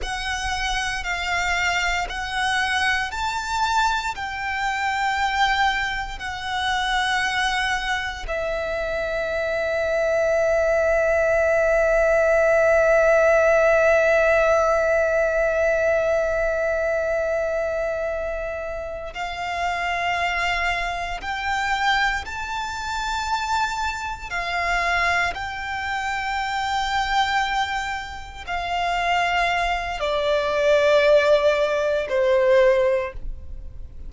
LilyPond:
\new Staff \with { instrumentName = "violin" } { \time 4/4 \tempo 4 = 58 fis''4 f''4 fis''4 a''4 | g''2 fis''2 | e''1~ | e''1~ |
e''2~ e''8 f''4.~ | f''8 g''4 a''2 f''8~ | f''8 g''2. f''8~ | f''4 d''2 c''4 | }